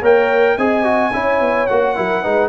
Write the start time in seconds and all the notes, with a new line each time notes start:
0.00 A#3 A#4 C#5 G5
0.57 C4 G#4 D#5 G#5
0.83 F#4
1.13 C#4 E4 C#5
1.40 B3
1.66 A#3 F#4 F#5
1.95 F#3 E4 A#4
2.21 G#3 D#4 B4